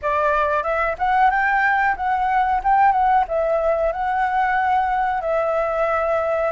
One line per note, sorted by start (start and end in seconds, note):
0.02 0.63 D5
0.63 0.95 E5
0.98 1.30 F#5
1.30 1.95 G5
1.96 2.61 F#5
2.63 2.92 G5
2.92 3.24 F#5
3.28 3.92 E5
3.92 5.21 F#5
5.21 6.51 E5